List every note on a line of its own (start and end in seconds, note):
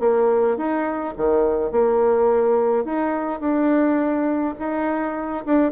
0.00 0.57 A#3
0.57 1.15 D#4
1.17 1.72 D#3
1.72 2.85 A#3
2.85 3.41 D#4
3.41 4.55 D4
4.59 5.45 D#4
5.45 5.72 D4